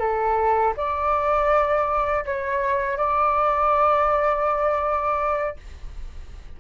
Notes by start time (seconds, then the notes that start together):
0.00 A4
0.77 D5
2.26 C#5
2.98 D5